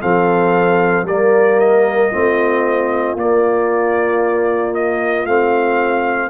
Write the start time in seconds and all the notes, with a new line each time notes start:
0.00 F3 C4 A4 F5
1.04 G3 A#3 A#4 D5
1.59 D#5
2.12 A3 C4 F4
3.15 A#3 D5
4.74 D#5
5.25 A3 C4 F5